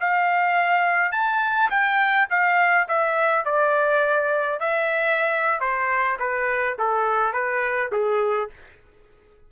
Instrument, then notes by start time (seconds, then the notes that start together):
trumpet
0.00 F5
1.11 A5
1.70 G5
2.29 F5
2.88 E5
3.45 D5
4.59 E5
5.60 C5
6.19 B4
6.78 A4
7.32 B4
7.91 G#4